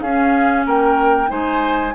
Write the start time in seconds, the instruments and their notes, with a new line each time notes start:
0.00 bassoon C#4, clarinet C#4, oboe G#4, flute F5
0.65 bassoon A#3, oboe A#4, flute G5
1.27 bassoon G#3, clarinet D#4, oboe C5, flute G#5